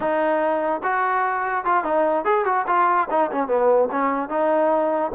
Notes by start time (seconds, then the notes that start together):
0.00 D#4
0.83 F#4
1.64 F4
1.84 D#4
2.25 G#4
2.45 F#4
2.67 F4
3.10 D#4
3.31 C#4
3.47 B3
3.91 C#4
4.29 D#4